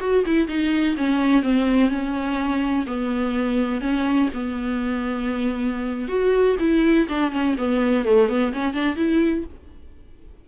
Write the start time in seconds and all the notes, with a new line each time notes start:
0.00 F#4
0.26 E4
0.48 D#4
0.97 C#4
1.43 C4
1.90 C#4
2.86 B3
3.81 C#4
4.34 B3
6.08 F#4
6.59 E4
7.08 D4
7.32 C#4
7.58 B3
8.05 A3
8.29 B3
8.53 C#4
8.74 D4
8.96 E4